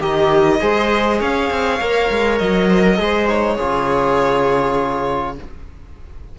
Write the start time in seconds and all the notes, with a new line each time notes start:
0.00 D#3 D#4 G4 D#5
0.61 G#3 G#4 C5
1.19 C#4 C#5 F5
1.50 C4
1.80 A#3 A#4
2.10 G#3
2.38 F#3 D#5
2.69 C5
2.83 A#4
2.98 G#3 G#4 C5
3.28 D#4 C#5
3.55 C#3 F4 G#4